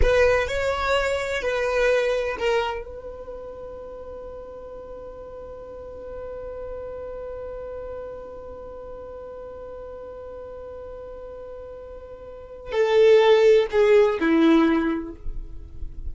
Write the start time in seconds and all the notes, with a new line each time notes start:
0.02 B4
0.47 C#5
1.42 B4
2.39 A#4
2.85 B4
12.72 A4
13.71 G#4
14.20 E4